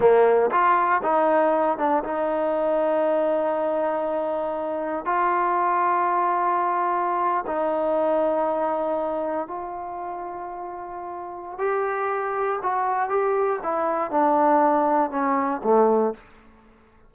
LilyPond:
\new Staff \with { instrumentName = "trombone" } { \time 4/4 \tempo 4 = 119 ais4 f'4 dis'4. d'8 | dis'1~ | dis'2 f'2~ | f'2~ f'8. dis'4~ dis'16~ |
dis'2~ dis'8. f'4~ f'16~ | f'2. g'4~ | g'4 fis'4 g'4 e'4 | d'2 cis'4 a4 | }